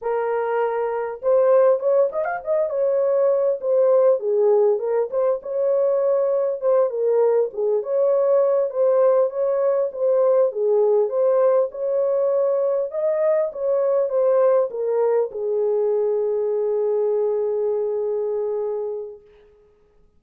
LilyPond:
\new Staff \with { instrumentName = "horn" } { \time 4/4 \tempo 4 = 100 ais'2 c''4 cis''8 dis''16 f''16 | dis''8 cis''4. c''4 gis'4 | ais'8 c''8 cis''2 c''8 ais'8~ | ais'8 gis'8 cis''4. c''4 cis''8~ |
cis''8 c''4 gis'4 c''4 cis''8~ | cis''4. dis''4 cis''4 c''8~ | c''8 ais'4 gis'2~ gis'8~ | gis'1 | }